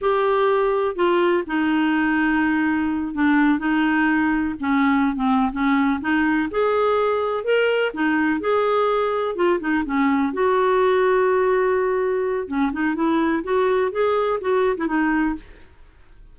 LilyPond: \new Staff \with { instrumentName = "clarinet" } { \time 4/4 \tempo 4 = 125 g'2 f'4 dis'4~ | dis'2~ dis'8 d'4 dis'8~ | dis'4. cis'4~ cis'16 c'8. cis'8~ | cis'8 dis'4 gis'2 ais'8~ |
ais'8 dis'4 gis'2 f'8 | dis'8 cis'4 fis'2~ fis'8~ | fis'2 cis'8 dis'8 e'4 | fis'4 gis'4 fis'8. e'16 dis'4 | }